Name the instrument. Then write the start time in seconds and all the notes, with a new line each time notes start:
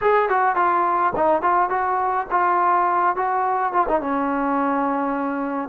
trombone
0.01 G#4
0.29 F#4
0.55 F4
1.15 D#4
1.41 F4
1.69 F#4
2.30 F4
3.16 F#4
3.72 F4
3.88 D#4
4.00 C#4